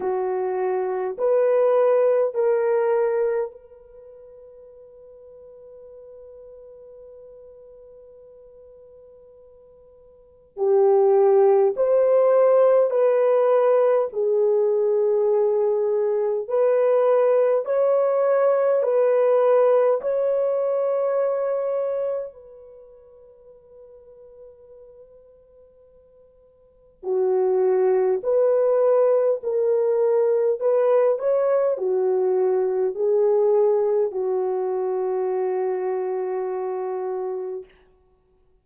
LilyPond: \new Staff \with { instrumentName = "horn" } { \time 4/4 \tempo 4 = 51 fis'4 b'4 ais'4 b'4~ | b'1~ | b'4 g'4 c''4 b'4 | gis'2 b'4 cis''4 |
b'4 cis''2 b'4~ | b'2. fis'4 | b'4 ais'4 b'8 cis''8 fis'4 | gis'4 fis'2. | }